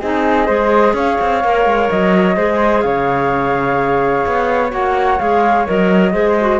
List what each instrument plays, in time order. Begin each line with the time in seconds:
0.00 cello C4, clarinet D#4, flute G#4 D#5
0.46 cello G#3, clarinet G#4, flute C5
0.94 cello C#4, flute C#5 F5
1.21 cello C4
1.43 cello A#3, clarinet A#4
1.65 cello G#3
1.90 cello F#3, flute D#5
2.37 cello G#3, clarinet G#4, flute C5
2.82 cello C#3, flute C#5 F5
4.26 cello B3
4.71 cello A#3, clarinet F#4, flute F#5
5.19 cello G#3, clarinet G#4, flute F5
5.66 cello F#3, clarinet A#4, flute D#5
6.13 cello G#3, clarinet G#4, flute C5
6.40 clarinet F#4